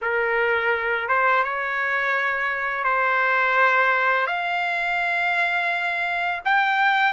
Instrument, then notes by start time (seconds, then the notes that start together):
trumpet
0.01 A#4
1.08 C5
1.43 C#5
2.84 C5
4.27 F5
6.44 G5